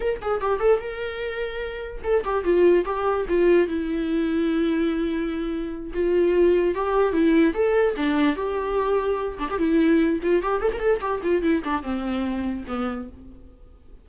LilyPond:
\new Staff \with { instrumentName = "viola" } { \time 4/4 \tempo 4 = 147 ais'8 gis'8 g'8 a'8 ais'2~ | ais'4 a'8 g'8 f'4 g'4 | f'4 e'2.~ | e'2~ e'8 f'4.~ |
f'8 g'4 e'4 a'4 d'8~ | d'8 g'2~ g'8 d'16 g'16 e'8~ | e'4 f'8 g'8 a'16 ais'16 a'8 g'8 f'8 | e'8 d'8 c'2 b4 | }